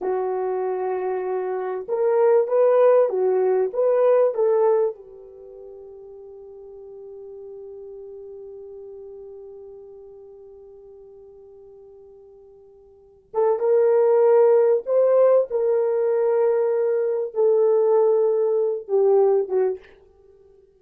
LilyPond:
\new Staff \with { instrumentName = "horn" } { \time 4/4 \tempo 4 = 97 fis'2. ais'4 | b'4 fis'4 b'4 a'4 | g'1~ | g'1~ |
g'1~ | g'4. a'8 ais'2 | c''4 ais'2. | a'2~ a'8 g'4 fis'8 | }